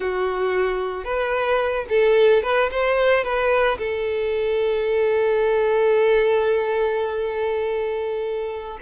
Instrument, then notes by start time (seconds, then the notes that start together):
violin
0.00 F#4
1.04 B4
1.89 A4
2.43 B4
2.71 C5
3.23 B4
3.78 A4